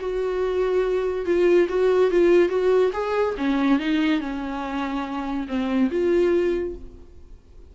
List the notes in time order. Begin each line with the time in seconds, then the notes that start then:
0.00 F#4
1.25 F4
1.69 F#4
2.11 F4
2.49 F#4
2.93 G#4
3.37 C#4
3.79 D#4
4.20 C#4
5.48 C4
5.91 F4